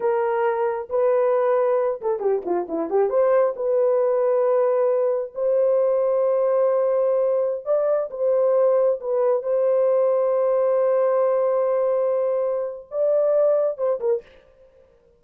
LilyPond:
\new Staff \with { instrumentName = "horn" } { \time 4/4 \tempo 4 = 135 ais'2 b'2~ | b'8 a'8 g'8 f'8 e'8 g'8 c''4 | b'1 | c''1~ |
c''4~ c''16 d''4 c''4.~ c''16~ | c''16 b'4 c''2~ c''8.~ | c''1~ | c''4 d''2 c''8 ais'8 | }